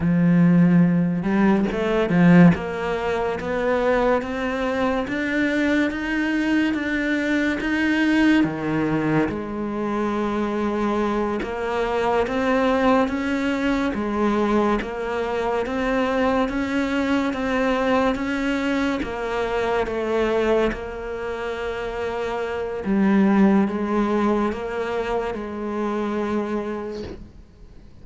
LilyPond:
\new Staff \with { instrumentName = "cello" } { \time 4/4 \tempo 4 = 71 f4. g8 a8 f8 ais4 | b4 c'4 d'4 dis'4 | d'4 dis'4 dis4 gis4~ | gis4. ais4 c'4 cis'8~ |
cis'8 gis4 ais4 c'4 cis'8~ | cis'8 c'4 cis'4 ais4 a8~ | a8 ais2~ ais8 g4 | gis4 ais4 gis2 | }